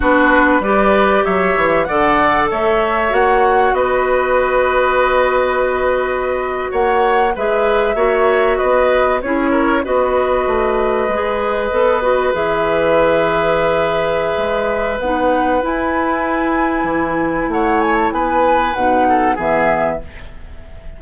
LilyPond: <<
  \new Staff \with { instrumentName = "flute" } { \time 4/4 \tempo 4 = 96 b'4 d''4 e''4 fis''4 | e''4 fis''4 dis''2~ | dis''2~ dis''8. fis''4 e''16~ | e''4.~ e''16 dis''4 cis''4 dis''16~ |
dis''2.~ dis''8. e''16~ | e''1 | fis''4 gis''2. | fis''8 gis''16 a''16 gis''4 fis''4 e''4 | }
  \new Staff \with { instrumentName = "oboe" } { \time 4/4 fis'4 b'4 cis''4 d''4 | cis''2 b'2~ | b'2~ b'8. cis''4 b'16~ | b'8. cis''4 b'4 gis'8 ais'8 b'16~ |
b'1~ | b'1~ | b'1 | cis''4 b'4. a'8 gis'4 | }
  \new Staff \with { instrumentName = "clarinet" } { \time 4/4 d'4 g'2 a'4~ | a'4 fis'2.~ | fis'2.~ fis'8. gis'16~ | gis'8. fis'2 e'4 fis'16~ |
fis'4.~ fis'16 gis'4 a'8 fis'8 gis'16~ | gis'1 | dis'4 e'2.~ | e'2 dis'4 b4 | }
  \new Staff \with { instrumentName = "bassoon" } { \time 4/4 b4 g4 fis8 e8 d4 | a4 ais4 b2~ | b2~ b8. ais4 gis16~ | gis8. ais4 b4 cis'4 b16~ |
b8. a4 gis4 b4 e16~ | e2. gis4 | b4 e'2 e4 | a4 b4 b,4 e4 | }
>>